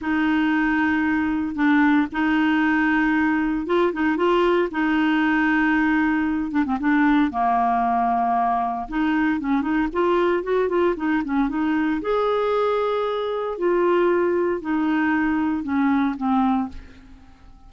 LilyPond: \new Staff \with { instrumentName = "clarinet" } { \time 4/4 \tempo 4 = 115 dis'2. d'4 | dis'2. f'8 dis'8 | f'4 dis'2.~ | dis'8 d'16 c'16 d'4 ais2~ |
ais4 dis'4 cis'8 dis'8 f'4 | fis'8 f'8 dis'8 cis'8 dis'4 gis'4~ | gis'2 f'2 | dis'2 cis'4 c'4 | }